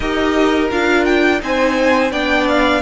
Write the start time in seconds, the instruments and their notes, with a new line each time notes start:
0.00 cello D#4, viola G4, violin A#4 D#5
0.70 cello D4, viola F4, violin F5
1.05 violin G5
1.40 cello C4, viola D#4, violin C5 G#5
2.11 cello B3, viola D4, violin D5 G5
2.48 violin F5